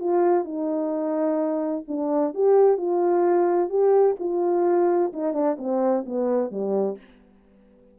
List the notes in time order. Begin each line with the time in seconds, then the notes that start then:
0.00 F4
0.45 D#4
1.88 D4
2.34 G4
2.78 F4
3.70 G4
4.20 F4
5.13 D#4
5.34 D4
5.59 C4
6.06 B3
6.52 G3